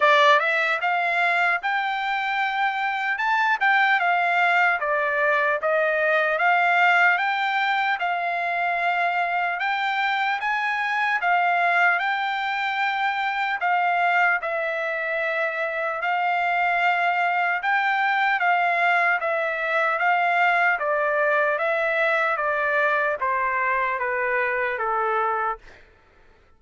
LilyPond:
\new Staff \with { instrumentName = "trumpet" } { \time 4/4 \tempo 4 = 75 d''8 e''8 f''4 g''2 | a''8 g''8 f''4 d''4 dis''4 | f''4 g''4 f''2 | g''4 gis''4 f''4 g''4~ |
g''4 f''4 e''2 | f''2 g''4 f''4 | e''4 f''4 d''4 e''4 | d''4 c''4 b'4 a'4 | }